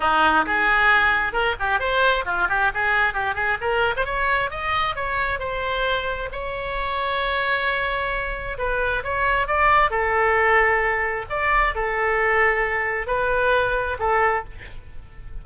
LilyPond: \new Staff \with { instrumentName = "oboe" } { \time 4/4 \tempo 4 = 133 dis'4 gis'2 ais'8 g'8 | c''4 f'8 g'8 gis'4 g'8 gis'8 | ais'8. c''16 cis''4 dis''4 cis''4 | c''2 cis''2~ |
cis''2. b'4 | cis''4 d''4 a'2~ | a'4 d''4 a'2~ | a'4 b'2 a'4 | }